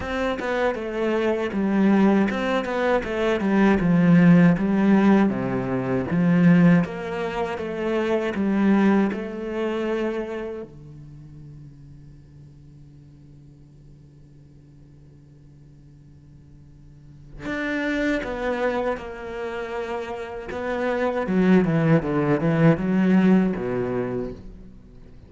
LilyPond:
\new Staff \with { instrumentName = "cello" } { \time 4/4 \tempo 4 = 79 c'8 b8 a4 g4 c'8 b8 | a8 g8 f4 g4 c4 | f4 ais4 a4 g4 | a2 d2~ |
d1~ | d2. d'4 | b4 ais2 b4 | fis8 e8 d8 e8 fis4 b,4 | }